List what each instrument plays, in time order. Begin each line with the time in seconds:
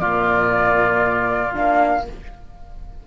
0.00 cello A#2, horn A#3, oboe F4, flute D5
1.54 cello A#3, horn D4, flute F5